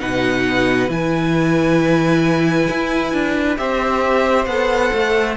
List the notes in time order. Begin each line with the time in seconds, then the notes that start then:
0.00 B2 D#4 B4 F#5
0.88 E3 E4 G#5
2.70 E4
3.13 D4
3.57 C4 G4 C5 E5
4.46 B3 A4 F#5
4.93 A3